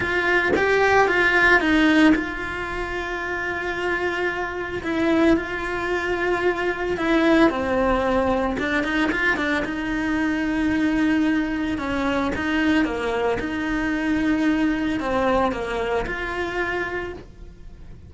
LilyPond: \new Staff \with { instrumentName = "cello" } { \time 4/4 \tempo 4 = 112 f'4 g'4 f'4 dis'4 | f'1~ | f'4 e'4 f'2~ | f'4 e'4 c'2 |
d'8 dis'8 f'8 d'8 dis'2~ | dis'2 cis'4 dis'4 | ais4 dis'2. | c'4 ais4 f'2 | }